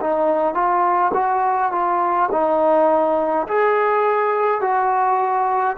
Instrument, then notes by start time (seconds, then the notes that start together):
trombone
0.00 D#4
0.54 F4
1.14 F#4
1.72 F4
2.31 D#4
3.47 G#4
4.60 F#4